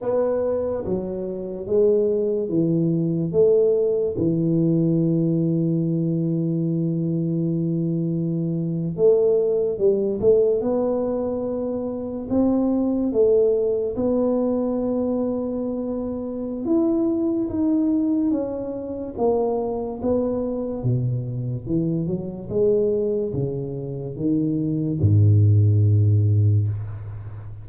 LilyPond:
\new Staff \with { instrumentName = "tuba" } { \time 4/4 \tempo 4 = 72 b4 fis4 gis4 e4 | a4 e2.~ | e2~ e8. a4 g16~ | g16 a8 b2 c'4 a16~ |
a8. b2.~ b16 | e'4 dis'4 cis'4 ais4 | b4 b,4 e8 fis8 gis4 | cis4 dis4 gis,2 | }